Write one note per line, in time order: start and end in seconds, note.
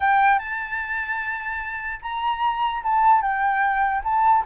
0.00 0.38 G5
0.38 2.00 A5
2.02 2.82 A#5
2.83 3.21 A5
3.21 4.02 G5
4.03 4.44 A5